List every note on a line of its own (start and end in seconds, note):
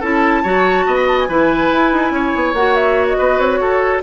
0.00 0.43 C#4
0.00 0.44 E4
0.00 0.42 A4
0.00 0.95 A5
0.43 0.86 F#3
0.43 1.28 F#4
0.43 0.85 C#5
0.86 1.28 B3
0.86 1.28 D#5
0.95 1.06 B5
1.08 1.18 A5
1.19 2.55 G#5
1.28 1.70 E3
1.28 2.55 E4
1.28 2.12 B4
1.72 1.92 E4
1.92 2.11 D#4
2.11 2.32 C#4
2.11 3.18 C#5
2.35 2.53 B3
2.53 3.16 A#3
2.53 4.03 F#4
2.53 2.75 F#5
2.75 3.07 E5
3.09 3.39 D#5
3.18 3.39 B3
3.18 3.60 B4
3.39 3.59 C4
3.39 4.02 C#5
3.59 4.01 F#4
3.59 4.03 A4